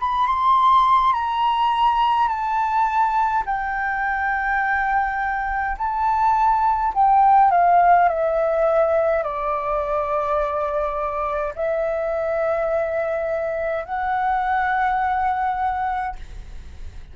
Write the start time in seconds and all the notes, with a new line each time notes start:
0.00 B5
0.27 C6
1.13 A#5
2.28 A5
3.46 G5
5.78 A5
6.94 G5
7.51 F5
8.09 E5
9.24 D5
11.55 E5
13.85 F#5